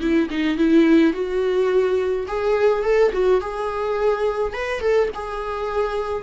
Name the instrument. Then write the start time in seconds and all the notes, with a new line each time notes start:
viola
0.00 E4
0.30 D#4
0.57 E4
1.13 F#4
2.27 G#4
2.83 A4
3.12 F#4
3.40 G#4
4.53 B4
4.80 A4
5.14 G#4